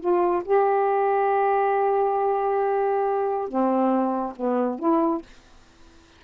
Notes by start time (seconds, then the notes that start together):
0.00 F4
0.44 G4
3.48 C4
4.36 B3
4.79 E4